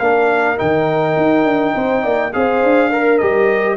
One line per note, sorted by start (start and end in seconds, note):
0.00 0.58 A#3
0.00 0.57 D4
0.00 1.75 A#4
0.00 0.58 F5
0.57 1.17 D#3
0.57 2.32 D#4
0.57 2.34 G5
1.17 1.45 D#4
1.45 1.74 D4
1.75 2.05 C4
1.75 2.03 C5
2.03 2.34 A#3
2.03 2.32 D5
2.34 2.64 C4
2.34 2.92 G#4
2.34 2.90 C5
2.34 3.19 F5
2.64 3.22 D4
2.90 3.78 A#4
2.90 3.21 A#4
3.19 3.78 G3
3.19 3.78 G4
3.19 3.77 D#5